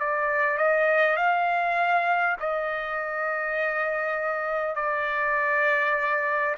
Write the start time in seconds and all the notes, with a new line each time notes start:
0.00 D5
0.58 D#5
1.17 F5
2.41 D#5
4.76 D5